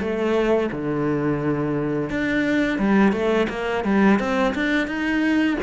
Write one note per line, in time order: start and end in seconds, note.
0.00 0.70 A3
0.72 2.10 D3
2.10 2.79 D4
2.79 3.12 G3
3.12 3.47 A3
3.49 3.84 A#3
3.84 4.19 G3
4.19 4.54 C4
4.54 4.87 D4
4.87 5.57 D#4